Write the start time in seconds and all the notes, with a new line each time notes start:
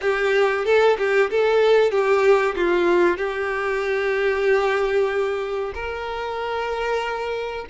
0.01 G4
0.65 A4
0.98 G4
1.30 A4
1.91 G4
2.55 F4
3.17 G4
5.74 A#4